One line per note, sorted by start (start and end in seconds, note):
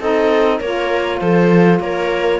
0.00 0.60 C4
0.00 0.62 D#4
0.00 0.59 A4
0.00 0.60 D#5
0.59 1.21 A#3
0.59 2.40 F4
0.59 1.19 A#4
0.59 1.19 C#5
1.19 1.80 F3
1.19 1.81 A4
1.19 1.79 C5
1.80 2.40 A#3
1.80 2.40 A#4
1.80 2.40 C#5